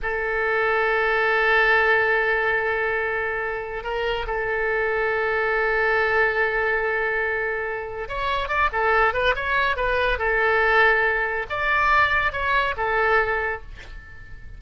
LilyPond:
\new Staff \with { instrumentName = "oboe" } { \time 4/4 \tempo 4 = 141 a'1~ | a'1~ | a'4 ais'4 a'2~ | a'1~ |
a'2. cis''4 | d''8 a'4 b'8 cis''4 b'4 | a'2. d''4~ | d''4 cis''4 a'2 | }